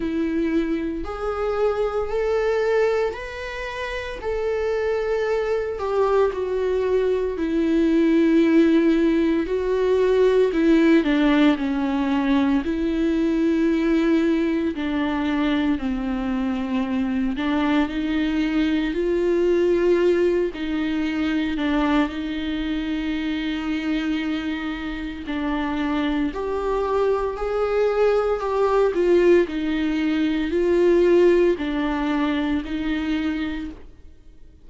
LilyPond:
\new Staff \with { instrumentName = "viola" } { \time 4/4 \tempo 4 = 57 e'4 gis'4 a'4 b'4 | a'4. g'8 fis'4 e'4~ | e'4 fis'4 e'8 d'8 cis'4 | e'2 d'4 c'4~ |
c'8 d'8 dis'4 f'4. dis'8~ | dis'8 d'8 dis'2. | d'4 g'4 gis'4 g'8 f'8 | dis'4 f'4 d'4 dis'4 | }